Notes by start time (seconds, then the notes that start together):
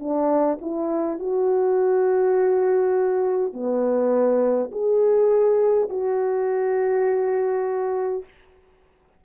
0.00 D4
0.61 E4
1.20 F#4
3.53 B3
4.72 G#4
5.89 F#4